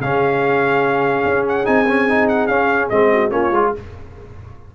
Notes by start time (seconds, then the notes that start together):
0.00 C#3 C#4 G#4 F5
1.25 C#4
1.49 F#5
1.65 C4 D#4 G#5
1.88 C#4
2.09 D#4
2.29 F#5
2.47 C#4 F5
2.89 G#3 C4 D#5
3.12 F#4
3.31 A#3 C#4 F4 C#5
3.52 G#3 F4